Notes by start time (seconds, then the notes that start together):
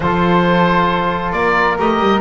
0.00 F3 F4 A4 C5
1.32 A#3 A#4 D5
1.78 A3 G4 D#5
1.99 G3